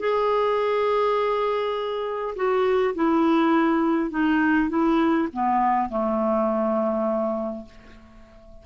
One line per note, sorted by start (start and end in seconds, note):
0.00 2.35 G#4
2.36 2.95 F#4
2.95 4.11 E4
4.11 4.70 D#4
4.70 5.28 E4
5.33 5.90 B3
5.90 7.66 A3